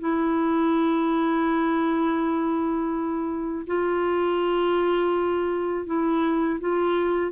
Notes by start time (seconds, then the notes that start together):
0.00 E4
3.67 F4
5.86 E4
6.60 F4